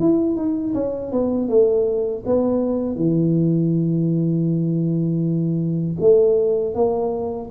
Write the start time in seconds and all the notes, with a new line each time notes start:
0.00 E4
0.36 D#4
0.75 C#4
1.12 B3
1.49 A3
2.26 B3
2.96 E3
6.00 A3
6.75 A#3